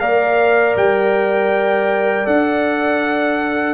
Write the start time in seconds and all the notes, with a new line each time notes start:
0.00 A#3 A#4 D5 F5
0.76 G3 G5
2.25 D4 A4 F#5